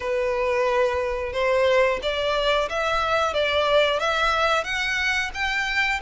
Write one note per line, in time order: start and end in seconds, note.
0.00 1.32 B4
1.32 1.99 C5
2.02 2.68 D5
2.68 3.33 E5
3.33 3.99 D5
3.99 4.64 E5
4.64 5.30 F#5
5.33 6.00 G5